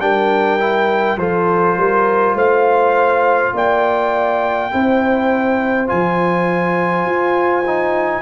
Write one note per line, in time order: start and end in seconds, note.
0.00 1.17 G3
0.00 0.60 D4
0.00 1.19 A#4
0.00 1.19 G5
0.60 1.19 E4
1.17 1.76 F3
1.17 4.71 F4
1.17 1.77 A4
1.17 2.37 C5
1.77 2.35 G3
1.77 2.36 A#4
2.35 3.52 A3
2.35 3.53 C5
2.35 3.56 F5
3.53 4.71 A#3
3.53 4.73 D5
3.53 5.89 G5
4.71 5.91 C4
4.71 5.87 E4
4.71 8.22 C5
5.87 7.06 F3
5.87 7.64 F4
5.87 8.22 G#5
7.06 8.22 F4
7.67 8.22 D#4